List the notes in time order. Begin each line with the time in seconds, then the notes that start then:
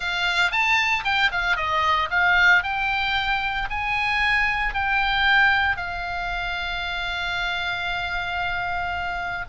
0.00 F5
0.51 A5
1.04 G5
1.31 F5
1.56 D#5
2.10 F5
2.63 G5
3.70 G#5
4.74 G5
5.76 F5